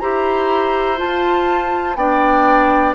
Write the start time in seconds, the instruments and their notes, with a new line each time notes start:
0.00 bassoon E4, clarinet G4, oboe C5, flute A#5
0.97 clarinet F4, bassoon F4, flute A5
1.96 bassoon B3, clarinet D4, oboe D5, flute G5